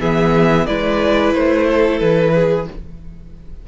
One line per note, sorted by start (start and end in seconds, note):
0.00 0.67 E3
0.00 0.67 B3
0.00 0.66 G#4
0.00 0.66 E5
0.66 1.35 G#3
0.66 2.67 E4
0.66 1.66 B4
0.66 1.33 D5
1.33 2.01 A3
1.33 1.99 C5
1.67 2.33 A4
1.99 2.67 E3
1.99 2.66 B4
2.34 2.68 G#4